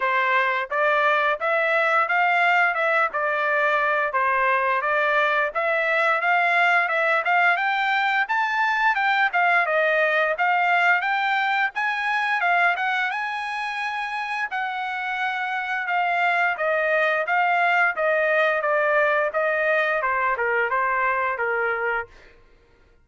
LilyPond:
\new Staff \with { instrumentName = "trumpet" } { \time 4/4 \tempo 4 = 87 c''4 d''4 e''4 f''4 | e''8 d''4. c''4 d''4 | e''4 f''4 e''8 f''8 g''4 | a''4 g''8 f''8 dis''4 f''4 |
g''4 gis''4 f''8 fis''8 gis''4~ | gis''4 fis''2 f''4 | dis''4 f''4 dis''4 d''4 | dis''4 c''8 ais'8 c''4 ais'4 | }